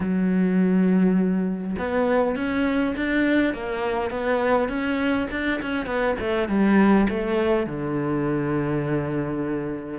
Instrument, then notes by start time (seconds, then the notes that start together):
cello
0.00 F#3
1.78 B3
2.36 C#4
2.95 D4
3.53 A#3
4.10 B3
4.68 C#4
5.30 D4
5.61 C#4
5.85 B3
6.19 A3
6.48 G3
7.09 A3
7.66 D3